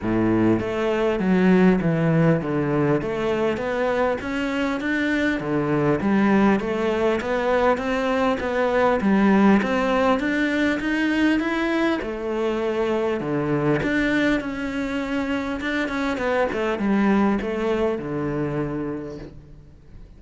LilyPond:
\new Staff \with { instrumentName = "cello" } { \time 4/4 \tempo 4 = 100 a,4 a4 fis4 e4 | d4 a4 b4 cis'4 | d'4 d4 g4 a4 | b4 c'4 b4 g4 |
c'4 d'4 dis'4 e'4 | a2 d4 d'4 | cis'2 d'8 cis'8 b8 a8 | g4 a4 d2 | }